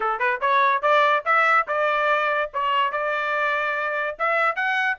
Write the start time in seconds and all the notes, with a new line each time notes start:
0.00 A4
0.19 B4
0.40 C#5
0.81 D5
1.25 E5
1.67 D5
2.53 C#5
2.91 D5
4.18 E5
4.55 F#5